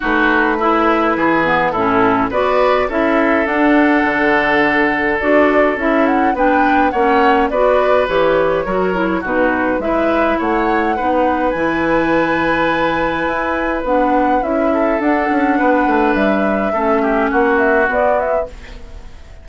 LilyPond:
<<
  \new Staff \with { instrumentName = "flute" } { \time 4/4 \tempo 4 = 104 b'2. a'4 | d''4 e''4 fis''2~ | fis''4 d''4 e''8 fis''8 g''4 | fis''4 d''4 cis''2 |
b'4 e''4 fis''2 | gis''1 | fis''4 e''4 fis''2 | e''2 fis''8 e''8 d''8 e''8 | }
  \new Staff \with { instrumentName = "oboe" } { \time 4/4 fis'4 e'4 gis'4 e'4 | b'4 a'2.~ | a'2. b'4 | cis''4 b'2 ais'4 |
fis'4 b'4 cis''4 b'4~ | b'1~ | b'4. a'4. b'4~ | b'4 a'8 g'8 fis'2 | }
  \new Staff \with { instrumentName = "clarinet" } { \time 4/4 dis'4 e'4. b8 cis'4 | fis'4 e'4 d'2~ | d'4 fis'4 e'4 d'4 | cis'4 fis'4 g'4 fis'8 e'8 |
dis'4 e'2 dis'4 | e'1 | d'4 e'4 d'2~ | d'4 cis'2 b4 | }
  \new Staff \with { instrumentName = "bassoon" } { \time 4/4 a2 e4 a,4 | b4 cis'4 d'4 d4~ | d4 d'4 cis'4 b4 | ais4 b4 e4 fis4 |
b,4 gis4 a4 b4 | e2. e'4 | b4 cis'4 d'8 cis'8 b8 a8 | g4 a4 ais4 b4 | }
>>